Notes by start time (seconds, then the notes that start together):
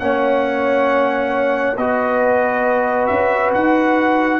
0.00 A#3 C#4 C#5 F#5
1.76 B3 F#4 B4 D#5
3.06 C#4 E5
3.54 D#4 F#5